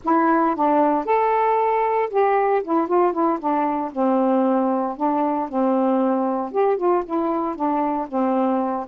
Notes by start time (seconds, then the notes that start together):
0.04 E4
0.55 D4
1.05 A4
2.10 G4
2.63 E4
2.87 F4
3.12 E4
3.39 D4
3.92 C4
4.97 D4
5.48 C4
6.51 G4
6.77 F4
7.05 E4
7.55 D4
8.08 C4